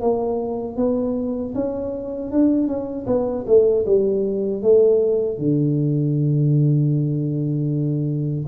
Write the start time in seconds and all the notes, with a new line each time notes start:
0.00 A#3
0.77 B3
1.54 C#4
2.31 D4
2.67 C#4
3.06 B3
3.47 A3
3.85 G3
4.62 A3
5.38 D3